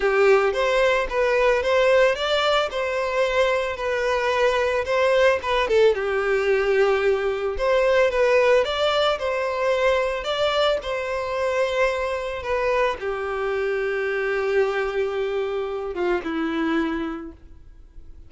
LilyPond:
\new Staff \with { instrumentName = "violin" } { \time 4/4 \tempo 4 = 111 g'4 c''4 b'4 c''4 | d''4 c''2 b'4~ | b'4 c''4 b'8 a'8 g'4~ | g'2 c''4 b'4 |
d''4 c''2 d''4 | c''2. b'4 | g'1~ | g'4. f'8 e'2 | }